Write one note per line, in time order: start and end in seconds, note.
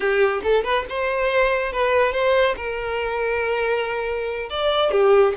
0.00 0.41 G4
0.43 0.64 A4
0.64 0.85 B4
0.89 1.72 C5
1.72 2.12 B4
2.12 2.55 C5
2.56 4.49 A#4
4.49 4.91 D5
4.91 5.34 G4